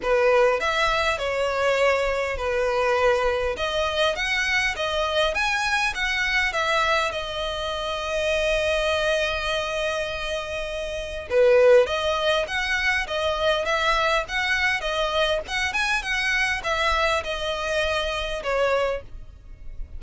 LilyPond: \new Staff \with { instrumentName = "violin" } { \time 4/4 \tempo 4 = 101 b'4 e''4 cis''2 | b'2 dis''4 fis''4 | dis''4 gis''4 fis''4 e''4 | dis''1~ |
dis''2. b'4 | dis''4 fis''4 dis''4 e''4 | fis''4 dis''4 fis''8 gis''8 fis''4 | e''4 dis''2 cis''4 | }